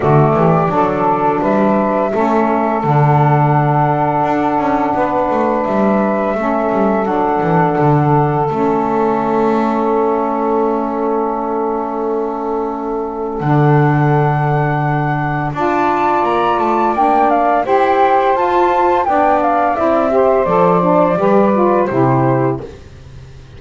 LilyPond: <<
  \new Staff \with { instrumentName = "flute" } { \time 4/4 \tempo 4 = 85 d''2 e''2 | fis''1 | e''2 fis''2 | e''1~ |
e''2. fis''4~ | fis''2 a''4 ais''8 a''8 | g''8 f''8 g''4 a''4 g''8 f''8 | e''4 d''2 c''4 | }
  \new Staff \with { instrumentName = "saxophone" } { \time 4/4 fis'8 g'8 a'4 b'4 a'4~ | a'2. b'4~ | b'4 a'2.~ | a'1~ |
a'1~ | a'2 d''2~ | d''4 c''2 d''4~ | d''8 c''4. b'4 g'4 | }
  \new Staff \with { instrumentName = "saxophone" } { \time 4/4 a4 d'2 cis'4 | d'1~ | d'4 cis'4 d'2 | cis'1~ |
cis'2. d'4~ | d'2 f'2 | d'4 g'4 f'4 d'4 | e'8 g'8 a'8 d'8 g'8 f'8 e'4 | }
  \new Staff \with { instrumentName = "double bass" } { \time 4/4 d8 e8 fis4 g4 a4 | d2 d'8 cis'8 b8 a8 | g4 a8 g8 fis8 e8 d4 | a1~ |
a2. d4~ | d2 d'4 ais8 a8 | ais4 e'4 f'4 b4 | c'4 f4 g4 c4 | }
>>